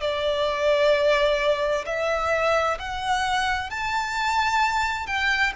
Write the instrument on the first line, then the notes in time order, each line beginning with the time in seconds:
violin
0.00 D5
1.85 E5
2.79 F#5
3.70 A5
5.06 G5